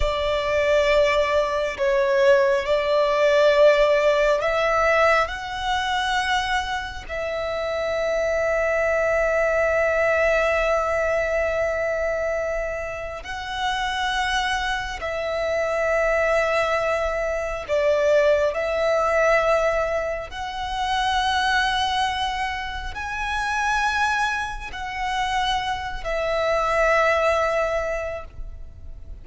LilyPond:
\new Staff \with { instrumentName = "violin" } { \time 4/4 \tempo 4 = 68 d''2 cis''4 d''4~ | d''4 e''4 fis''2 | e''1~ | e''2. fis''4~ |
fis''4 e''2. | d''4 e''2 fis''4~ | fis''2 gis''2 | fis''4. e''2~ e''8 | }